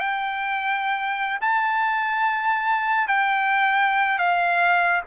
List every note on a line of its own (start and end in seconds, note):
0.00 1.39 G5
1.41 3.08 A5
3.08 4.19 G5
4.19 5.02 F5